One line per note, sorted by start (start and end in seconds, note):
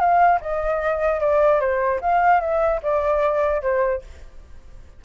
0.00 0.40 F5
0.41 1.20 D#5
1.20 1.60 D5
1.60 2.00 C5
2.01 2.41 F5
2.41 2.81 E5
2.83 3.62 D5
3.62 4.02 C5